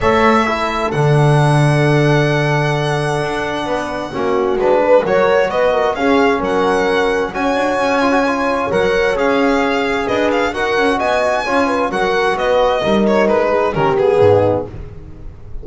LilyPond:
<<
  \new Staff \with { instrumentName = "violin" } { \time 4/4 \tempo 4 = 131 e''2 fis''2~ | fis''1~ | fis''2 b'4 cis''4 | dis''4 f''4 fis''2 |
gis''2. fis''4 | f''2 dis''8 f''8 fis''4 | gis''2 fis''4 dis''4~ | dis''8 cis''8 b'4 ais'8 gis'4. | }
  \new Staff \with { instrumentName = "horn" } { \time 4/4 cis''4 a'2.~ | a'1 | b'4 fis'4. b'8 ais'4 | b'8 ais'8 gis'4 ais'2 |
cis''1~ | cis''2 b'4 ais'4 | dis''4 cis''8 b'8 ais'4 b'4 | ais'4. gis'8 g'4 dis'4 | }
  \new Staff \with { instrumentName = "trombone" } { \time 4/4 a'4 e'4 d'2~ | d'1~ | d'4 cis'4 d'4 fis'4~ | fis'4 cis'2. |
fis'4. f'16 fis'16 f'4 ais'4 | gis'2. fis'4~ | fis'4 f'4 fis'2 | dis'2 cis'8 b4. | }
  \new Staff \with { instrumentName = "double bass" } { \time 4/4 a2 d2~ | d2. d'4 | b4 ais4 gis4 fis4 | b4 cis'4 fis2 |
cis'8 d'8 cis'2 fis4 | cis'2 d'4 dis'8 cis'8 | b4 cis'4 fis4 b4 | g4 gis4 dis4 gis,4 | }
>>